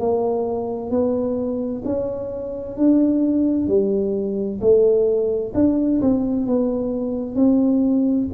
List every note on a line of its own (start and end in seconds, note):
0.00 0.90 A#3
0.90 1.83 B3
1.85 2.77 C#4
2.77 3.68 D4
3.68 4.60 G3
4.61 5.53 A3
5.55 6.01 D4
6.02 6.47 C4
6.47 7.35 B3
7.35 8.27 C4